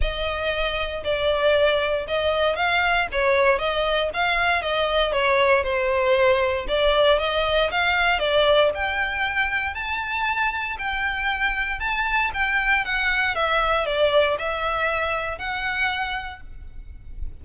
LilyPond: \new Staff \with { instrumentName = "violin" } { \time 4/4 \tempo 4 = 117 dis''2 d''2 | dis''4 f''4 cis''4 dis''4 | f''4 dis''4 cis''4 c''4~ | c''4 d''4 dis''4 f''4 |
d''4 g''2 a''4~ | a''4 g''2 a''4 | g''4 fis''4 e''4 d''4 | e''2 fis''2 | }